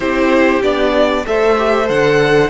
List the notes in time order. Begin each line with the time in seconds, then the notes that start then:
0.00 C4 E4 G4 C5
0.62 B3 D4 D5
1.25 A3 A4 C5 E5
1.57 G4
1.85 D3 A4 F#5